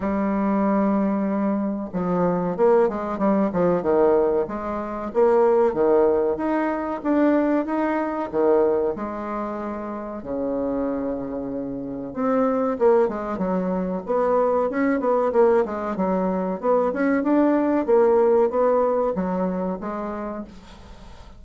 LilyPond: \new Staff \with { instrumentName = "bassoon" } { \time 4/4 \tempo 4 = 94 g2. f4 | ais8 gis8 g8 f8 dis4 gis4 | ais4 dis4 dis'4 d'4 | dis'4 dis4 gis2 |
cis2. c'4 | ais8 gis8 fis4 b4 cis'8 b8 | ais8 gis8 fis4 b8 cis'8 d'4 | ais4 b4 fis4 gis4 | }